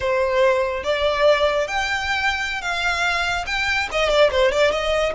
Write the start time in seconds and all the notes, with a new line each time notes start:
0.00 C5
0.83 D5
1.67 G5
2.61 F5
3.46 G5
3.91 D#5
4.09 D5
4.31 C5
4.51 D5
4.71 D#5